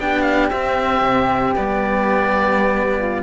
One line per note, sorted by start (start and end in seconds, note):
0.00 0.51 B3
0.00 0.52 D4
0.00 2.99 G4
0.00 0.22 G5
0.22 0.48 F5
0.50 1.02 C4
0.50 1.56 C4
0.50 1.55 E5
1.02 1.54 C3
1.56 3.23 G3
1.56 3.23 B3
1.56 3.23 D5
2.99 3.23 F4